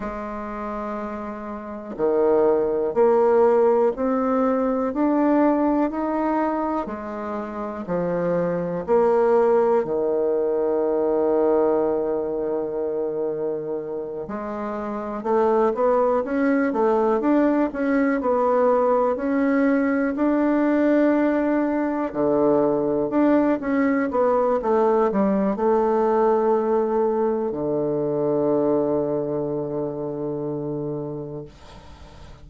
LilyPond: \new Staff \with { instrumentName = "bassoon" } { \time 4/4 \tempo 4 = 61 gis2 dis4 ais4 | c'4 d'4 dis'4 gis4 | f4 ais4 dis2~ | dis2~ dis8 gis4 a8 |
b8 cis'8 a8 d'8 cis'8 b4 cis'8~ | cis'8 d'2 d4 d'8 | cis'8 b8 a8 g8 a2 | d1 | }